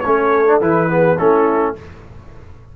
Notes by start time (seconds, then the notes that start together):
0.00 A3 C#4 A4 C#5
0.46 D4
0.61 E3 E4 B4
0.88 B3 G#4
1.17 A3 C#4 E4 A4